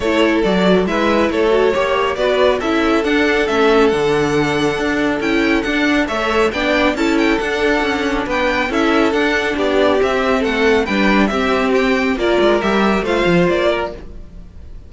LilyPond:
<<
  \new Staff \with { instrumentName = "violin" } { \time 4/4 \tempo 4 = 138 cis''4 d''4 e''4 cis''4~ | cis''4 d''4 e''4 fis''4 | e''4 fis''2. | g''4 fis''4 e''4 g''4 |
a''8 g''8 fis''2 g''4 | e''4 fis''4 d''4 e''4 | fis''4 g''4 e''4 g''4 | d''4 e''4 f''4 d''4 | }
  \new Staff \with { instrumentName = "violin" } { \time 4/4 a'2 b'4 a'4 | cis''4 b'4 a'2~ | a'1~ | a'2 cis''4 d''4 |
a'2. b'4 | a'2 g'2 | a'4 b'4 g'2 | ais'2 c''4. ais'8 | }
  \new Staff \with { instrumentName = "viola" } { \time 4/4 e'4 fis'4 e'4. fis'8 | g'4 fis'4 e'4 d'4 | cis'4 d'2. | e'4 d'4 a'4 d'4 |
e'4 d'2. | e'4 d'2 c'4~ | c'4 d'4 c'2 | f'4 g'4 f'2 | }
  \new Staff \with { instrumentName = "cello" } { \time 4/4 a4 fis4 gis4 a4 | ais4 b4 cis'4 d'4 | a4 d2 d'4 | cis'4 d'4 a4 b4 |
cis'4 d'4 cis'4 b4 | cis'4 d'4 b4 c'4 | a4 g4 c'2 | ais8 gis8 g4 a8 f8 ais4 | }
>>